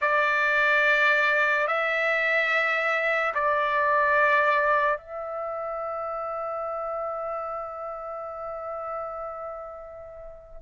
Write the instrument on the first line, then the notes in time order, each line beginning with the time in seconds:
trumpet
0.01 D5
1.67 E5
3.34 D5
4.97 E5